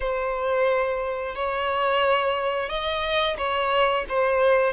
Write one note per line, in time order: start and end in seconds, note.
0.00 1.35 C5
1.35 2.69 C#5
2.69 3.36 D#5
3.37 4.05 C#5
4.08 4.73 C5